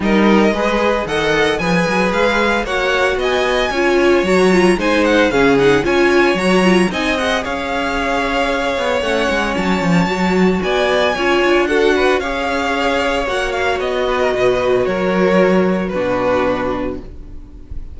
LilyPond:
<<
  \new Staff \with { instrumentName = "violin" } { \time 4/4 \tempo 4 = 113 dis''2 fis''4 gis''4 | f''4 fis''4 gis''2 | ais''4 gis''8 fis''8 f''8 fis''8 gis''4 | ais''4 gis''8 fis''8 f''2~ |
f''4 fis''4 a''2 | gis''2 fis''4 f''4~ | f''4 fis''8 f''8 dis''2 | cis''2 b'2 | }
  \new Staff \with { instrumentName = "violin" } { \time 4/4 ais'4 b'4 dis''4 b'4~ | b'4 cis''4 dis''4 cis''4~ | cis''4 c''4 gis'4 cis''4~ | cis''4 dis''4 cis''2~ |
cis''1 | d''4 cis''4 a'8 b'8 cis''4~ | cis''2~ cis''8 b'16 ais'16 b'4 | ais'2 fis'2 | }
  \new Staff \with { instrumentName = "viola" } { \time 4/4 dis'4 gis'4 a'4 gis'4~ | gis'4 fis'2 f'4 | fis'8 f'8 dis'4 cis'8 dis'8 f'4 | fis'8 f'8 dis'8 gis'2~ gis'8~ |
gis'4 cis'2 fis'4~ | fis'4 f'4 fis'4 gis'4~ | gis'4 fis'2.~ | fis'2 d'2 | }
  \new Staff \with { instrumentName = "cello" } { \time 4/4 g4 gis4 dis4 f8 fis8 | gis4 ais4 b4 cis'4 | fis4 gis4 cis4 cis'4 | fis4 c'4 cis'2~ |
cis'8 b8 a8 gis8 fis8 f8 fis4 | b4 cis'8 d'4. cis'4~ | cis'4 ais4 b4 b,4 | fis2 b,2 | }
>>